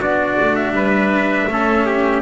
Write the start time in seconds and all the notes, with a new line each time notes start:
0.00 B3 D4 F#4 D5
0.41 A3
0.56 E5
0.71 G3 B4
1.48 A3 C#4 A4
1.86 G4